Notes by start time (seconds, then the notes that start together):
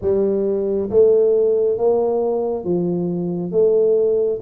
0.01 G3
0.89 A3
1.77 A#3
2.64 F3
3.51 A3